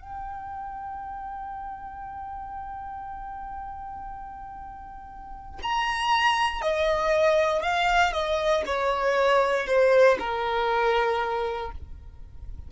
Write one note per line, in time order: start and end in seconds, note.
0.00 5.59 G5
5.62 6.61 A#5
6.61 7.62 D#5
7.62 8.13 F5
8.13 8.63 D#5
8.66 9.67 C#5
9.67 10.17 C5
10.19 11.71 A#4